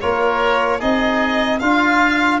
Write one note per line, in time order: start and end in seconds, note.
0.00 0.82 A#3
0.00 0.80 F4
0.00 0.79 A#4
0.00 0.80 C#5
0.79 1.61 C4
0.79 1.60 D#4
0.79 1.59 G#4
0.79 1.59 D#5
1.59 2.40 D4
1.59 2.40 F4
1.59 2.39 F5